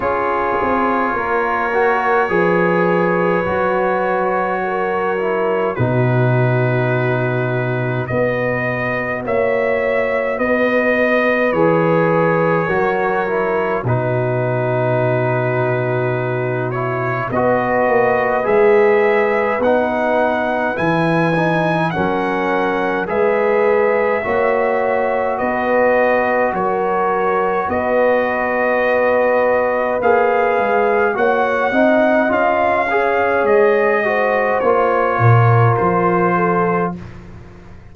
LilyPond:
<<
  \new Staff \with { instrumentName = "trumpet" } { \time 4/4 \tempo 4 = 52 cis''1~ | cis''4 b'2 dis''4 | e''4 dis''4 cis''2 | b'2~ b'8 cis''8 dis''4 |
e''4 fis''4 gis''4 fis''4 | e''2 dis''4 cis''4 | dis''2 f''4 fis''4 | f''4 dis''4 cis''4 c''4 | }
  \new Staff \with { instrumentName = "horn" } { \time 4/4 gis'4 ais'4 b'2 | ais'4 fis'2 b'4 | cis''4 b'2 ais'4 | fis'2. b'4~ |
b'2. ais'4 | b'4 cis''4 b'4 ais'4 | b'2. cis''8 dis''8~ | dis''8 cis''4 c''4 ais'4 a'8 | }
  \new Staff \with { instrumentName = "trombone" } { \time 4/4 f'4. fis'8 gis'4 fis'4~ | fis'8 e'8 dis'2 fis'4~ | fis'2 gis'4 fis'8 e'8 | dis'2~ dis'8 e'8 fis'4 |
gis'4 dis'4 e'8 dis'8 cis'4 | gis'4 fis'2.~ | fis'2 gis'4 fis'8 dis'8 | f'8 gis'4 fis'8 f'2 | }
  \new Staff \with { instrumentName = "tuba" } { \time 4/4 cis'8 c'8 ais4 f4 fis4~ | fis4 b,2 b4 | ais4 b4 e4 fis4 | b,2. b8 ais8 |
gis4 b4 e4 fis4 | gis4 ais4 b4 fis4 | b2 ais8 gis8 ais8 c'8 | cis'4 gis4 ais8 ais,8 f4 | }
>>